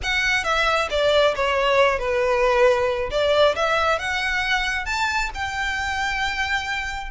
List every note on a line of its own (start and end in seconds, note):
0.02 0.43 F#5
0.43 0.88 E5
0.90 1.34 D5
1.35 1.98 C#5
1.98 3.09 B4
3.11 3.55 D5
3.55 3.99 E5
3.99 4.85 F#5
4.85 5.30 A5
5.34 7.11 G5